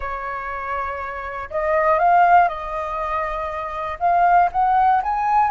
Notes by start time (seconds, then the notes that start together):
0.00 C#5
1.50 D#5
1.99 F5
2.48 D#5
3.99 F5
4.52 F#5
5.02 G#5